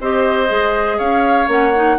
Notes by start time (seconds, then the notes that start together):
0.00 C4 G4 C5 D#5
0.47 G#3 G#4
0.98 C#4 C#5 F5
1.47 A#3 C#4 F#5
1.75 D#4